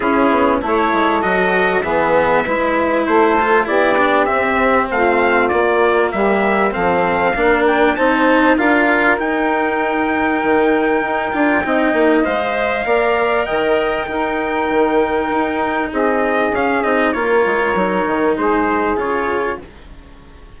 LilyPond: <<
  \new Staff \with { instrumentName = "trumpet" } { \time 4/4 \tempo 4 = 98 gis'4 cis''4 dis''4 e''4~ | e''4 c''4 d''4 e''4 | f''4 d''4 e''4 f''4~ | f''8 g''8 a''4 f''4 g''4~ |
g''1 | f''2 g''2~ | g''2 dis''4 f''8 dis''8 | cis''2 c''4 cis''4 | }
  \new Staff \with { instrumentName = "saxophone" } { \time 4/4 e'4 a'2 gis'4 | b'4 a'4 g'2 | f'2 g'4 a'4 | ais'4 c''4 ais'2~ |
ais'2. dis''4~ | dis''4 d''4 dis''4 ais'4~ | ais'2 gis'2 | ais'2 gis'2 | }
  \new Staff \with { instrumentName = "cello" } { \time 4/4 cis'4 e'4 fis'4 b4 | e'4. f'8 e'8 d'8 c'4~ | c'4 ais2 c'4 | d'4 dis'4 f'4 dis'4~ |
dis'2~ dis'8 f'8 dis'4 | c''4 ais'2 dis'4~ | dis'2. cis'8 dis'8 | f'4 dis'2 f'4 | }
  \new Staff \with { instrumentName = "bassoon" } { \time 4/4 cis'8 b8 a8 gis8 fis4 e4 | gis4 a4 b4 c'4 | a4 ais4 g4 f4 | ais4 c'4 d'4 dis'4~ |
dis'4 dis4 dis'8 d'8 c'8 ais8 | gis4 ais4 dis4 dis'4 | dis4 dis'4 c'4 cis'8 c'8 | ais8 gis8 fis8 dis8 gis4 cis4 | }
>>